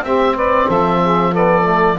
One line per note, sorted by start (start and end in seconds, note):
0.00 0.65 C4
0.00 1.34 C4
0.00 0.34 G4
0.00 0.37 E5
0.34 0.66 B4
0.34 0.70 D5
0.66 1.99 F3
0.66 0.98 A4
0.66 1.35 E5
1.03 1.30 G#4
1.30 1.63 B3
1.30 1.95 A4
1.30 1.99 D5
1.63 1.95 A3